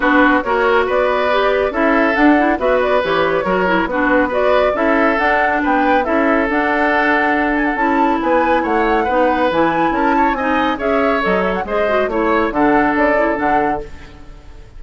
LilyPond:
<<
  \new Staff \with { instrumentName = "flute" } { \time 4/4 \tempo 4 = 139 b'4 cis''4 d''2 | e''4 fis''4 e''8 d''8 cis''4~ | cis''4 b'4 d''4 e''4 | fis''4 g''4 e''4 fis''4~ |
fis''4. gis''16 fis''16 a''4 gis''4 | fis''2 gis''4 a''4 | gis''4 e''4 dis''8 e''16 fis''16 dis''4 | cis''4 fis''4 d''4 fis''4 | }
  \new Staff \with { instrumentName = "oboe" } { \time 4/4 fis'4 ais'4 b'2 | a'2 b'2 | ais'4 fis'4 b'4 a'4~ | a'4 b'4 a'2~ |
a'2. b'4 | cis''4 b'2 ais'8 cis''8 | dis''4 cis''2 c''4 | cis''4 a'2. | }
  \new Staff \with { instrumentName = "clarinet" } { \time 4/4 d'4 fis'2 g'4 | e'4 d'8 e'8 fis'4 g'4 | fis'8 e'8 d'4 fis'4 e'4 | d'2 e'4 d'4~ |
d'2 e'2~ | e'4 dis'4 e'2 | dis'4 gis'4 a'4 gis'8 fis'8 | e'4 d'4. e'8 d'4 | }
  \new Staff \with { instrumentName = "bassoon" } { \time 4/4 b4 ais4 b2 | cis'4 d'4 b4 e4 | fis4 b2 cis'4 | d'4 b4 cis'4 d'4~ |
d'2 cis'4 b4 | a4 b4 e4 cis'4 | c'4 cis'4 fis4 gis4 | a4 d4 cis4 d4 | }
>>